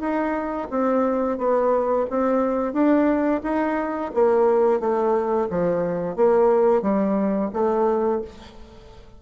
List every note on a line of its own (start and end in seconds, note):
0.00 0.68 D#4
0.71 1.38 C4
1.38 2.06 B3
2.10 2.73 C4
2.73 3.42 D4
3.43 4.12 D#4
4.14 4.80 A#3
4.80 5.48 A3
5.50 6.16 F3
6.16 6.82 A#3
6.82 7.50 G3
7.53 8.22 A3